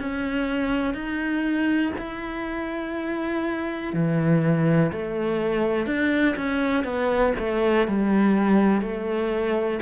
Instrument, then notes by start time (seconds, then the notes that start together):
cello
0.00 C#4
0.94 D#4
1.99 E4
3.93 E3
4.93 A3
5.87 D4
6.37 C#4
6.85 B3
7.39 A3
7.88 G3
8.82 A3